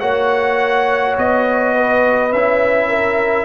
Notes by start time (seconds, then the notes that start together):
0.00 A#3 F#4 C#5 F#5
1.18 B3 D#5
1.74 B4
2.32 C#4 E4 E5
2.88 A#4